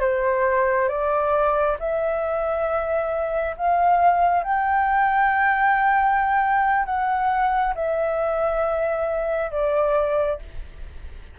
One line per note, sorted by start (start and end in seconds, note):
0.00 0.88 C5
0.88 1.76 D5
1.79 3.56 E5
3.57 4.43 F5
4.43 6.85 G5
6.85 7.74 F#5
7.75 9.51 E5
9.51 10.39 D5